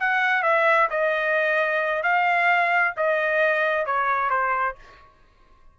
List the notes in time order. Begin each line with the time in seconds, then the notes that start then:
0.00 F#5
0.43 E5
0.90 D#5
2.03 F5
2.96 D#5
3.86 C#5
4.30 C5